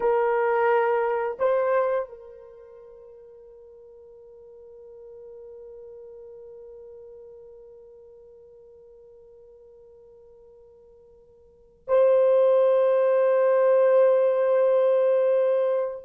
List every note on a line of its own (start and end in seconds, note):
0.00 1.37 A#4
1.39 2.08 C5
2.09 11.85 A#4
11.87 16.04 C5